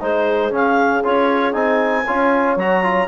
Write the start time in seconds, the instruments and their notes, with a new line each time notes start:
0.00 bassoon G#3, trombone D#4, horn G#4, clarinet C5
0.51 bassoon C#3, trombone C#4, clarinet F5
1.04 bassoon C#4, trombone F4, clarinet C#5
1.53 bassoon C4, trombone D#4, clarinet G#5
2.06 bassoon C#4, trombone F4, horn C#5
2.56 bassoon F#3, trombone F#4, clarinet A#5
2.84 trombone F4